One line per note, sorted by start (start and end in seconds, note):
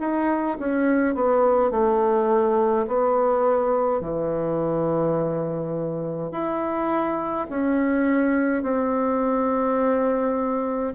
0.00 0.58 D#4
0.60 1.15 C#4
1.15 1.72 B3
1.72 2.87 A3
2.87 4.01 B3
4.01 6.32 E3
6.32 7.47 E4
7.50 8.63 C#4
8.63 10.94 C4